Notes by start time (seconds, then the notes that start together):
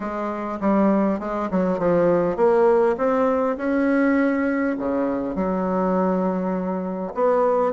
0.00 G#3
0.60 G3
1.19 G#3
1.50 F#3
1.78 F3
2.36 A#3
2.97 C4
3.57 C#4
4.78 C#3
5.35 F#3
7.14 B3